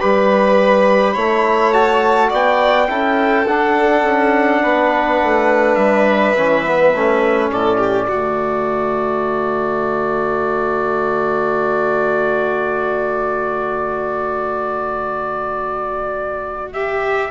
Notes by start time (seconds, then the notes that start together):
0.00 G3 G4 B4 B5
1.13 A3 E4 C#5
1.72 F#4 A5
2.29 B3 D5 G5
2.88 C#4 E4 A4
3.46 D4 F#5
4.03 C#4
4.62 B3 B4
5.23 A3
5.75 G3 E5
6.37 E3 C#4
6.64 B3
6.94 A3 C#4
7.52 A2 A4 D5
7.77 G4
8.08 D3 A3 F#4
16.73 G4 E5